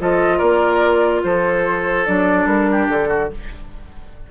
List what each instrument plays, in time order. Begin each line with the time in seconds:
0.00 bassoon F3, clarinet F4, oboe A4, flute D#5
0.38 bassoon A#3, oboe A#4, flute D5
1.23 bassoon F3, oboe A4, flute C5
2.06 bassoon F#3, clarinet D4, flute D5
2.46 bassoon G3, flute A#4
2.71 oboe G4
2.89 bassoon D3, flute A4
3.08 oboe F#4